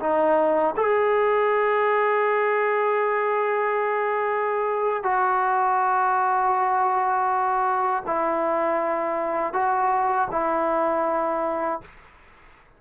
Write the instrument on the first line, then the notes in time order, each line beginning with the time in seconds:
trombone
0.00 D#4
0.77 G#4
5.03 F#4
8.07 E4
9.53 F#4
10.31 E4